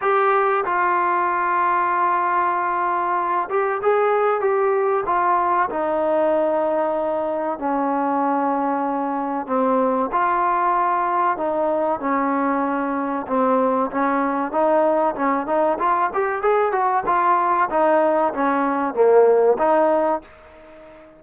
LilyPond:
\new Staff \with { instrumentName = "trombone" } { \time 4/4 \tempo 4 = 95 g'4 f'2.~ | f'4. g'8 gis'4 g'4 | f'4 dis'2. | cis'2. c'4 |
f'2 dis'4 cis'4~ | cis'4 c'4 cis'4 dis'4 | cis'8 dis'8 f'8 g'8 gis'8 fis'8 f'4 | dis'4 cis'4 ais4 dis'4 | }